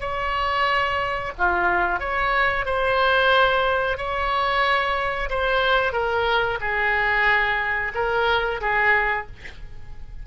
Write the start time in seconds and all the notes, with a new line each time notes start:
0.00 C#5
1.38 F4
2.00 C#5
2.65 C5
3.97 C#5
5.30 C5
5.93 A#4
6.60 G#4
7.95 A#4
8.61 G#4